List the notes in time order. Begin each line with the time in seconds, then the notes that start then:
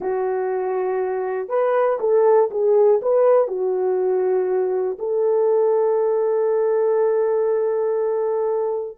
0.00 F#4
1.49 B4
2.00 A4
2.50 G#4
3.01 B4
3.47 F#4
4.98 A4